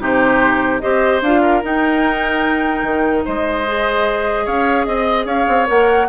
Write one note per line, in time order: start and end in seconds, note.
0.00 0.81 C3
0.00 0.81 D#4
0.00 0.82 G4
0.00 0.80 C5
0.80 1.22 C4
0.80 1.22 G4
0.80 1.42 C5
0.80 1.21 D#5
1.22 1.62 D4
1.22 1.62 F4
1.22 1.64 F5
1.42 3.24 A#4
1.62 3.65 D#4
1.62 2.83 D#4
1.62 3.25 G5
2.83 3.23 D#3
3.25 4.47 G#3
3.25 4.45 C5
3.25 4.47 D#5
3.67 5.67 G#4
4.45 4.87 C#4
4.45 4.86 C#5
4.45 4.85 F5
4.85 5.26 C4
4.85 5.26 D#5
5.26 5.46 C#4
5.26 6.07 C#5
5.26 5.68 F5
5.48 5.69 C4
5.67 6.09 A#3
5.67 6.08 A#4
5.67 6.09 F#5